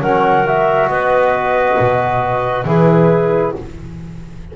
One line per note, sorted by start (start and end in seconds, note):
0.00 0.88 F#3
0.00 0.46 C#4
0.00 0.90 A#4
0.00 0.46 F#5
0.46 2.66 F#4
0.46 0.88 E5
0.88 1.77 B3
0.88 2.67 B4
0.88 2.65 D#5
1.79 2.64 B2
2.64 3.53 E3
2.64 3.54 E4
2.64 3.55 G#4
2.64 3.56 B4